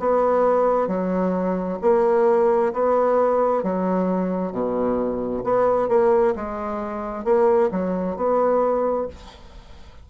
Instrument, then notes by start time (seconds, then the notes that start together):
bassoon
0.00 B3
0.88 F#3
1.82 A#3
2.74 B3
3.64 F#3
4.52 B2
5.44 B3
5.89 A#3
6.36 G#3
7.25 A#3
7.71 F#3
8.17 B3